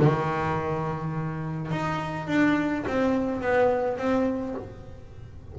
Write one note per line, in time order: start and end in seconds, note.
0.00 1.71 D#3
1.71 2.28 D#4
2.28 2.85 D4
2.87 3.41 C4
3.41 3.98 B3
3.98 4.55 C4